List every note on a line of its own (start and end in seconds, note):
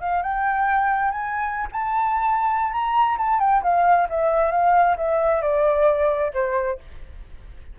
0.00 0.22 F5
0.22 1.11 G5
1.11 1.67 G#5
1.72 2.72 A5
2.72 3.17 A#5
3.17 3.39 A5
3.39 3.62 G5
3.63 4.08 F5
4.09 4.51 E5
4.51 4.96 F5
4.97 5.41 E5
5.41 6.32 D5
6.33 6.79 C5